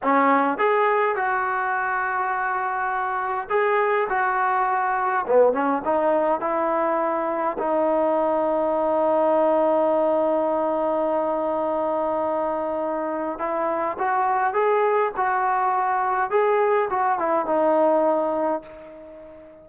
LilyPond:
\new Staff \with { instrumentName = "trombone" } { \time 4/4 \tempo 4 = 103 cis'4 gis'4 fis'2~ | fis'2 gis'4 fis'4~ | fis'4 b8 cis'8 dis'4 e'4~ | e'4 dis'2.~ |
dis'1~ | dis'2. e'4 | fis'4 gis'4 fis'2 | gis'4 fis'8 e'8 dis'2 | }